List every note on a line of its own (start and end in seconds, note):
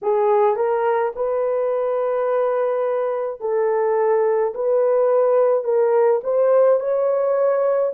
0.02 0.56 G#4
0.56 1.12 A#4
1.15 3.40 B4
3.40 4.53 A4
4.54 5.63 B4
5.63 6.20 A#4
6.23 6.79 C5
6.79 7.92 C#5